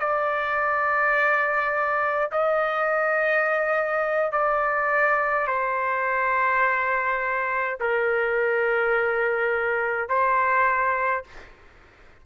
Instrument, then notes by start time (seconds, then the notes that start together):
trumpet
0.00 D5
2.32 D#5
4.33 D5
5.48 C5
7.80 A#4
10.09 C5